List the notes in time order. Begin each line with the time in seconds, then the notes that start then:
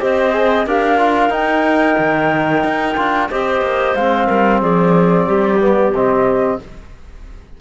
0.00 C4 G4 C5 D#5
0.33 G#4
0.66 D4 G4 A#4 F5
0.98 F4
1.30 D#4 G5
1.98 D#3
2.64 D#4
2.97 D4 F4
3.30 C4 G4 C5 D#5
3.61 A#3
3.95 G#3 C4 F5
4.27 G3 A#4
4.61 F3 G#4 D5
5.27 G3 G4
5.60 B3
5.91 C3 C4 D#5